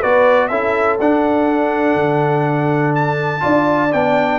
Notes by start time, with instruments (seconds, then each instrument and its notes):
0.00 tuba B3, trombone F#4, horn B4, trumpet D5
0.48 tuba C#4, trombone E4, horn A4, trumpet E5
1.00 tuba D4, trombone D4, trumpet F#5
1.95 tuba D3
2.95 trumpet A5
3.40 tuba D4, trombone F4, horn D5
3.93 tuba B3, trombone D4, trumpet G5